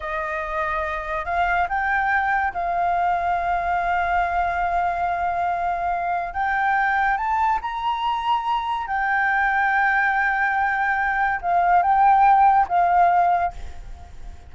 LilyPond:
\new Staff \with { instrumentName = "flute" } { \time 4/4 \tempo 4 = 142 dis''2. f''4 | g''2 f''2~ | f''1~ | f''2. g''4~ |
g''4 a''4 ais''2~ | ais''4 g''2.~ | g''2. f''4 | g''2 f''2 | }